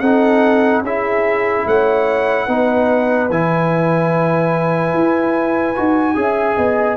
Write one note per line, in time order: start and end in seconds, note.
0.00 0.82 C4
0.00 0.85 D#4
0.00 0.83 A4
0.00 0.82 F#5
0.82 1.65 C#4
0.82 2.48 E4
0.82 1.67 G#4
0.82 1.68 E5
1.66 2.48 A3
1.66 2.47 C#5
1.66 3.31 F#5
2.47 3.30 B3
2.47 3.30 D#4
2.47 6.16 B4
3.30 4.94 E3
3.30 5.75 E4
3.30 6.98 G#5
4.94 5.76 E4
5.75 6.16 D#4
5.75 6.15 F#4
6.15 6.57 C#4
6.15 6.98 G#4
6.15 6.57 E5
6.57 6.98 B3
6.57 6.98 D#5